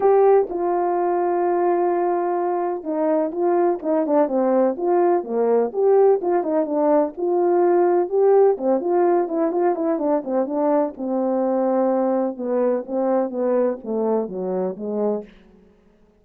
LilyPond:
\new Staff \with { instrumentName = "horn" } { \time 4/4 \tempo 4 = 126 g'4 f'2.~ | f'2 dis'4 f'4 | dis'8 d'8 c'4 f'4 ais4 | g'4 f'8 dis'8 d'4 f'4~ |
f'4 g'4 c'8 f'4 e'8 | f'8 e'8 d'8 c'8 d'4 c'4~ | c'2 b4 c'4 | b4 a4 fis4 gis4 | }